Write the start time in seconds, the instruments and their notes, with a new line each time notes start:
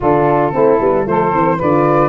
0.00 tuba D3, horn D4, saxophone F4, flute A4
0.51 tuba A3, horn C4, saxophone E4
0.80 tuba G3, horn B3
1.04 tuba F3, horn A3, saxophone A4, flute C5
1.32 tuba E3, horn C4
1.56 tuba D3, horn F4, saxophone B4, flute D5